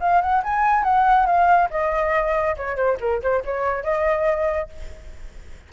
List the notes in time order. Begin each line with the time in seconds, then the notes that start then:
0.00 F5
0.21 F#5
0.43 G#5
0.83 F#5
1.26 F5
1.70 D#5
2.56 C#5
2.76 C5
3.00 A#4
3.22 C5
3.44 C#5
3.83 D#5